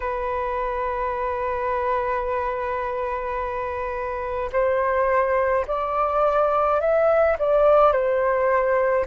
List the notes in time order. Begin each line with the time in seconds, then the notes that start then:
0.00 B4
4.52 C5
5.67 D5
6.80 E5
7.38 D5
7.92 C5